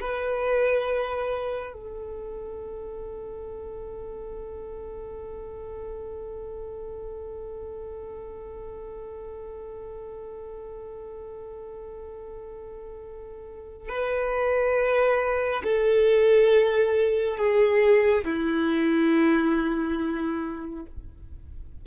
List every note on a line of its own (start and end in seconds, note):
0.00 1.73 B4
1.73 13.89 A4
13.89 15.62 B4
15.63 17.37 A4
17.37 18.24 G#4
18.25 20.85 E4